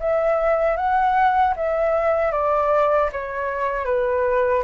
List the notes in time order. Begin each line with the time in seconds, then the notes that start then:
0.00 E5
0.77 F#5
1.56 E5
2.32 D5
3.12 C#5
3.85 B4